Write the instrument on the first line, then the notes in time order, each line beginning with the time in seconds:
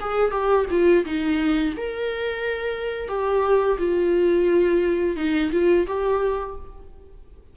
viola
0.00 G#4
0.31 G4
0.70 F4
1.05 D#4
1.76 A#4
3.08 G4
3.78 F4
5.16 D#4
5.51 F4
5.87 G4